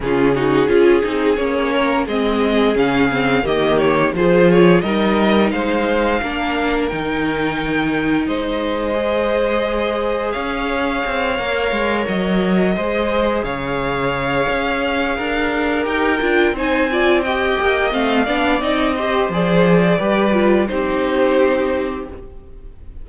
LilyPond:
<<
  \new Staff \with { instrumentName = "violin" } { \time 4/4 \tempo 4 = 87 gis'2 cis''4 dis''4 | f''4 dis''8 cis''8 c''8 cis''8 dis''4 | f''2 g''2 | dis''2. f''4~ |
f''4. dis''2 f''8~ | f''2. g''4 | gis''4 g''4 f''4 dis''4 | d''2 c''2 | }
  \new Staff \with { instrumentName = "violin" } { \time 4/4 f'8 fis'8 gis'4. ais'8 gis'4~ | gis'4 g'4 gis'4 ais'4 | c''4 ais'2. | c''2. cis''4~ |
cis''2~ cis''8 c''4 cis''8~ | cis''2 ais'2 | c''8 d''8 dis''4. d''4 c''8~ | c''4 b'4 g'2 | }
  \new Staff \with { instrumentName = "viola" } { \time 4/4 cis'8 dis'8 f'8 dis'8 cis'4 c'4 | cis'8 c'8 ais4 f'4 dis'4~ | dis'4 d'4 dis'2~ | dis'4 gis'2.~ |
gis'8 ais'2 gis'4.~ | gis'2. g'8 f'8 | dis'8 f'8 g'4 c'8 d'8 dis'8 g'8 | gis'4 g'8 f'8 dis'2 | }
  \new Staff \with { instrumentName = "cello" } { \time 4/4 cis4 cis'8 c'8 ais4 gis4 | cis4 dis4 f4 g4 | gis4 ais4 dis2 | gis2. cis'4 |
c'8 ais8 gis8 fis4 gis4 cis8~ | cis4 cis'4 d'4 dis'8 d'8 | c'4. ais8 a8 b8 c'4 | f4 g4 c'2 | }
>>